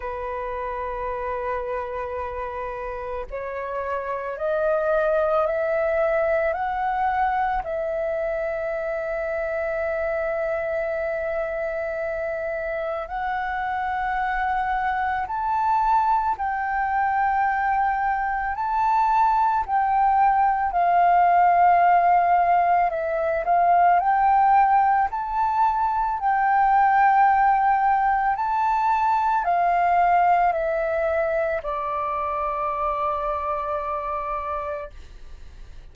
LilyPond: \new Staff \with { instrumentName = "flute" } { \time 4/4 \tempo 4 = 55 b'2. cis''4 | dis''4 e''4 fis''4 e''4~ | e''1 | fis''2 a''4 g''4~ |
g''4 a''4 g''4 f''4~ | f''4 e''8 f''8 g''4 a''4 | g''2 a''4 f''4 | e''4 d''2. | }